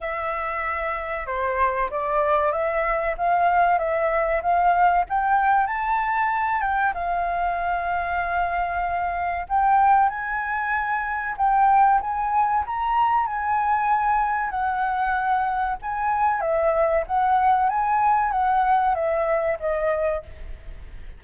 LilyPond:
\new Staff \with { instrumentName = "flute" } { \time 4/4 \tempo 4 = 95 e''2 c''4 d''4 | e''4 f''4 e''4 f''4 | g''4 a''4. g''8 f''4~ | f''2. g''4 |
gis''2 g''4 gis''4 | ais''4 gis''2 fis''4~ | fis''4 gis''4 e''4 fis''4 | gis''4 fis''4 e''4 dis''4 | }